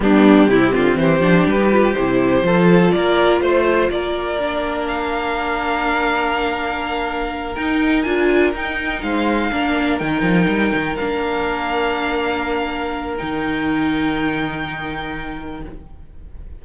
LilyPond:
<<
  \new Staff \with { instrumentName = "violin" } { \time 4/4 \tempo 4 = 123 g'2 c''4 b'4 | c''2 d''4 c''4 | d''2 f''2~ | f''2.~ f''8 g''8~ |
g''8 gis''4 g''4 f''4.~ | f''8 g''2 f''4.~ | f''2. g''4~ | g''1 | }
  \new Staff \with { instrumentName = "violin" } { \time 4/4 d'4 e'8 f'8 g'2~ | g'4 a'4 ais'4 c''4 | ais'1~ | ais'1~ |
ais'2~ ais'8 c''4 ais'8~ | ais'1~ | ais'1~ | ais'1 | }
  \new Staff \with { instrumentName = "viola" } { \time 4/4 b4 c'4. d'8. dis'16 f'8 | e'4 f'2.~ | f'4 d'2.~ | d'2.~ d'8 dis'8~ |
dis'8 f'4 dis'2 d'8~ | d'8 dis'2 d'4.~ | d'2. dis'4~ | dis'1 | }
  \new Staff \with { instrumentName = "cello" } { \time 4/4 g4 c8 d8 e8 f8 g4 | c4 f4 ais4 a4 | ais1~ | ais2.~ ais8 dis'8~ |
dis'8 d'4 dis'4 gis4 ais8~ | ais8 dis8 f8 g8 dis8 ais4.~ | ais2. dis4~ | dis1 | }
>>